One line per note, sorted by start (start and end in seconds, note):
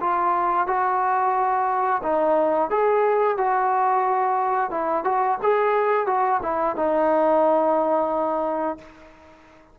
0.00 0.67 F4
0.67 2.02 F#4
2.03 2.70 D#4
2.70 3.37 G#4
3.37 4.70 F#4
4.70 5.04 E4
5.04 5.38 F#4
5.43 6.07 G#4
6.07 6.40 F#4
6.43 6.76 E4
6.76 8.78 D#4